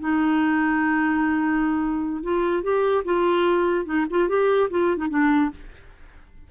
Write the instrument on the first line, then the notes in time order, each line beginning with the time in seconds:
clarinet
0.00 D#4
2.23 F4
2.63 G4
3.05 F4
3.85 D#4
4.10 F4
4.29 G4
4.71 F4
4.97 D#4
5.10 D4